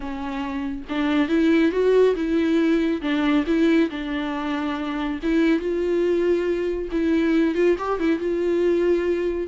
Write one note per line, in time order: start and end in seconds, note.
0.00 0.83 C#4
0.89 1.28 D4
1.28 1.71 E4
1.71 2.14 F#4
2.15 3.01 E4
3.01 3.44 D4
3.46 3.89 E4
3.90 5.19 D4
5.22 5.59 E4
5.59 6.88 F4
6.91 7.54 E4
7.54 7.76 F4
7.78 7.99 G4
7.99 8.19 E4
8.19 9.47 F4